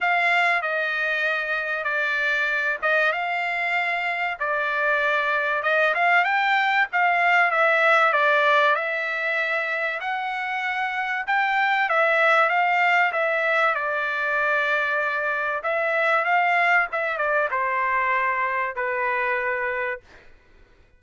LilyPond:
\new Staff \with { instrumentName = "trumpet" } { \time 4/4 \tempo 4 = 96 f''4 dis''2 d''4~ | d''8 dis''8 f''2 d''4~ | d''4 dis''8 f''8 g''4 f''4 | e''4 d''4 e''2 |
fis''2 g''4 e''4 | f''4 e''4 d''2~ | d''4 e''4 f''4 e''8 d''8 | c''2 b'2 | }